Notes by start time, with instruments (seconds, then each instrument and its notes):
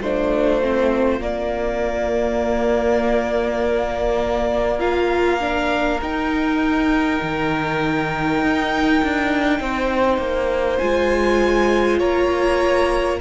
0.00 cello A3, viola D4, violin F4 C5
0.61 viola C4
1.20 cello A#3, viola A#3, violin D5
4.79 viola F4, violin A#4 F5
5.40 viola D4
6.00 cello D#4, viola D#4, violin G5
7.22 cello D#3
8.42 cello D#4
9.03 cello D4
9.59 cello C4, violin C5
10.18 cello A#3
10.78 cello G#3, viola F4, violin G#5
11.98 cello A#3, violin C#5 A#5